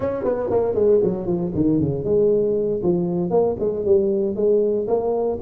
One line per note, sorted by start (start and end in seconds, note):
0.00 0.24 C#4
0.24 0.49 B3
0.50 0.74 A#3
0.74 1.00 G#3
1.03 1.26 F#3
1.26 1.52 F3
1.55 1.80 D#3
1.80 2.04 C#3
2.04 2.81 G#3
2.83 3.30 F3
3.30 3.56 A#3
3.59 3.85 G#3
3.85 4.35 G3
4.35 4.86 G#3
4.87 5.38 A#3